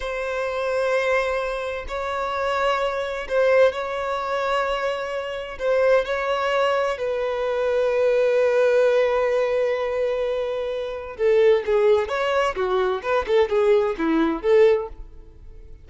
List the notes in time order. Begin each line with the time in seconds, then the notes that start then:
0.00 C5
1.88 C#5
3.28 C5
3.72 C#5
5.58 C5
6.05 C#5
6.98 B4
11.17 A4
11.66 G#4
12.08 C#5
12.55 F#4
13.02 B4
13.27 A4
13.49 G#4
13.97 E4
14.42 A4